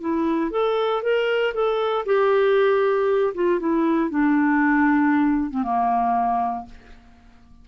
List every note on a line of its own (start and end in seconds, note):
0.00 0.51 E4
0.51 1.02 A4
1.02 1.53 A#4
1.54 2.05 A4
2.05 3.33 G4
3.34 3.59 F4
3.59 4.10 E4
4.10 5.50 D4
5.50 5.63 C4
5.63 6.65 A#3